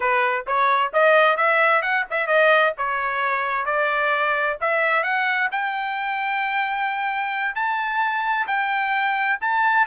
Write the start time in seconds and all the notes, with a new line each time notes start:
0.00 B4
0.46 C#5
0.93 D#5
1.36 E5
1.82 F#5
2.10 E5
2.27 D#5
2.77 C#5
3.65 D5
4.60 E5
5.03 F#5
5.51 G5
7.55 A5
8.47 G5
9.40 A5